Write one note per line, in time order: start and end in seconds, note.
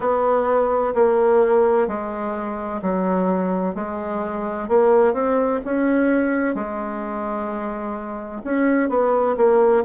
0.00 0.94 B3
0.94 1.87 A#3
1.87 2.81 G#3
2.82 3.74 F#3
3.74 4.68 G#3
4.68 5.13 A#3
5.13 5.60 C4
5.64 6.54 C#4
6.54 8.42 G#3
8.44 8.89 C#4
8.89 9.36 B3
9.37 9.84 A#3